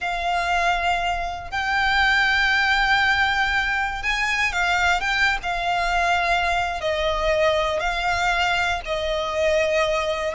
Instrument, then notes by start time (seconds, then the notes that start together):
violin
0.00 F5
1.50 G5
4.02 G#5
4.52 F5
5.00 G5
5.42 F5
6.81 D#5
7.79 F5
8.85 D#5